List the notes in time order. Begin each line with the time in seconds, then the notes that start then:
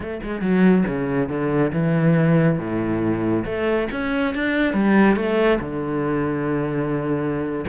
0.00 A3
0.23 G#3
0.41 F#3
0.87 C#3
1.28 D3
1.72 E3
2.58 A2
3.45 A3
3.91 C#4
4.34 D4
4.73 G3
5.16 A3
5.60 D3